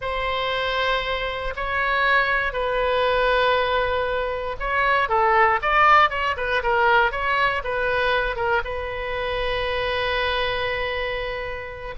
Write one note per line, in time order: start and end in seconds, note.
0.01 1.53 C5
1.56 2.52 C#5
2.52 4.56 B4
4.59 5.08 C#5
5.08 5.59 A4
5.62 6.10 D5
6.10 6.35 C#5
6.37 6.62 B4
6.62 7.11 A#4
7.11 7.62 C#5
7.64 8.36 B4
8.36 8.61 A#4
8.64 11.95 B4